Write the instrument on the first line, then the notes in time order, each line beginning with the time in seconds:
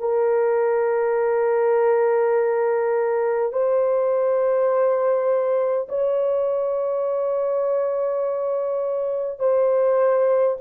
horn
0.00 A#4
3.53 C5
5.89 C#5
9.40 C5